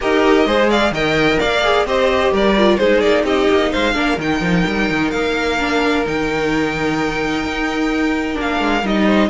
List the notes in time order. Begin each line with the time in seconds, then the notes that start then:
0.00 D#4 G4 A#4 D#5
0.45 G#3 G#4 C5
0.69 D5 F5
0.91 D#3 A#4 D#5 G5
1.39 A#3 D5 F5
1.63 G#4
1.85 C4 G4 C5 D#5
2.32 G3 A#4 D5
2.57 F4
2.77 G#3 D#4 G#4 C5
3.00 A#3 D5
3.23 C4 G4 D#5
3.50 A#3
3.71 G#3 C5 F5
3.93 A#3 D4 A#4
4.17 D#3 D#4 G5
4.40 F3
4.66 G3
4.89 D#3
5.10 A#3 F5
5.58 D4
6.05 D#3 D#4 G5
7.43 D#4
8.33 A#3 D4
8.40 F5
8.60 G#3
8.83 G3 D#4 D#5
9.06 C5